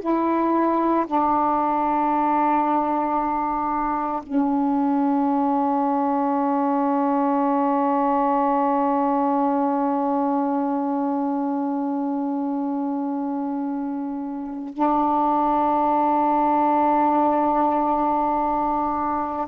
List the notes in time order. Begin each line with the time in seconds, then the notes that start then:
0.00 E4
1.07 D4
4.22 C#4
14.74 D4